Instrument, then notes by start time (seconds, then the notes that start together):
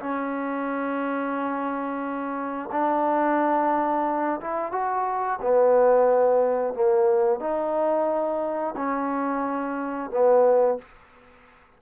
trombone
0.00 C#4
2.72 D4
4.41 E4
4.72 F#4
5.41 B3
6.74 A#3
7.40 D#4
8.77 C#4
10.11 B3